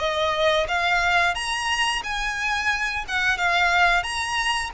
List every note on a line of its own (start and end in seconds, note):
0.00 0.67 D#5
0.69 1.35 F5
1.35 2.03 A#5
2.04 3.06 G#5
3.08 3.38 F#5
3.38 4.04 F5
4.04 4.71 A#5